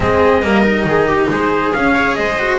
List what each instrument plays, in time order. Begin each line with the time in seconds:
0.00 double bass G#3, cello C4, viola G#4, trumpet D#5
0.42 double bass G3, cello A#3, viola A#4
0.63 cello D#4
0.84 double bass D#3, viola G#4
1.07 viola G4
1.30 double bass G#3, viola G#4, trumpet C5
1.73 double bass C#4, cello C#4, trumpet F5
1.94 cello G#4, viola C#5
2.14 double bass G#3, viola C5, trumpet D#5
2.39 cello F#4